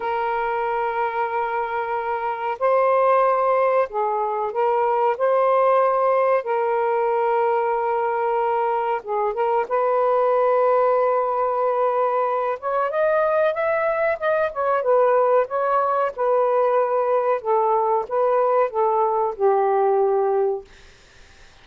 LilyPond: \new Staff \with { instrumentName = "saxophone" } { \time 4/4 \tempo 4 = 93 ais'1 | c''2 gis'4 ais'4 | c''2 ais'2~ | ais'2 gis'8 ais'8 b'4~ |
b'2.~ b'8 cis''8 | dis''4 e''4 dis''8 cis''8 b'4 | cis''4 b'2 a'4 | b'4 a'4 g'2 | }